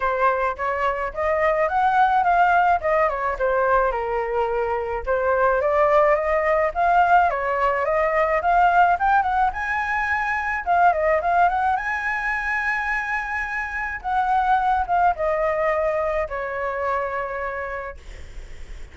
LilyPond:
\new Staff \with { instrumentName = "flute" } { \time 4/4 \tempo 4 = 107 c''4 cis''4 dis''4 fis''4 | f''4 dis''8 cis''8 c''4 ais'4~ | ais'4 c''4 d''4 dis''4 | f''4 cis''4 dis''4 f''4 |
g''8 fis''8 gis''2 f''8 dis''8 | f''8 fis''8 gis''2.~ | gis''4 fis''4. f''8 dis''4~ | dis''4 cis''2. | }